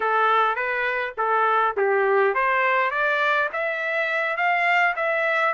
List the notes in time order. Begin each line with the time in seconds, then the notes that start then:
0.00 A4
0.55 B4
1.17 A4
1.76 G4
2.34 C5
2.90 D5
3.52 E5
4.36 F5
4.96 E5